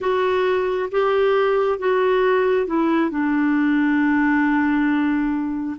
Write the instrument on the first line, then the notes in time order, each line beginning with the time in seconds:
clarinet
0.00 F#4
0.91 G4
1.78 F#4
2.66 E4
3.10 D4